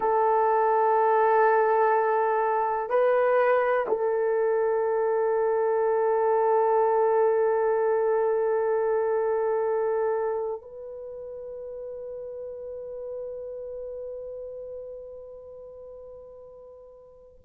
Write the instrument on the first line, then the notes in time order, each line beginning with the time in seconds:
horn
0.00 A4
2.89 B4
3.88 A4
10.61 B4